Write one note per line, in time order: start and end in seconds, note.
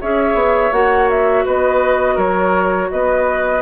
0.00 0.34 C#4
0.00 0.71 G#4
0.00 1.44 C#5
0.00 0.72 E5
0.34 0.70 B3
0.71 1.44 A#3
0.71 3.60 F#4
0.71 1.08 F#5
1.09 1.45 E5
1.44 2.16 B3
1.44 2.15 B4
1.44 2.17 D#5
2.15 2.89 F#3
2.15 2.87 A#4
2.15 2.90 C#5
2.90 3.62 B3
2.90 3.62 B4
2.90 3.62 D#5